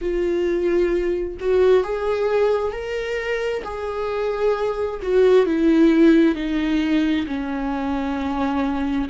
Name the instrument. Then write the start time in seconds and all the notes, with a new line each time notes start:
viola
0.01 F4
1.40 F#4
1.83 G#4
2.71 A#4
3.64 G#4
5.02 F#4
5.45 E4
6.35 D#4
7.26 C#4